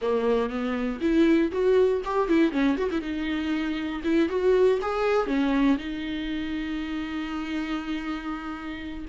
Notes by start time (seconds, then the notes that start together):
0.01 A#3
0.49 B3
1.00 E4
1.51 F#4
2.04 G4
2.28 E4
2.51 C#4
2.77 F#4
2.91 E4
3.01 D#4
4.03 E4
4.29 F#4
4.81 G#4
5.26 C#4
5.77 D#4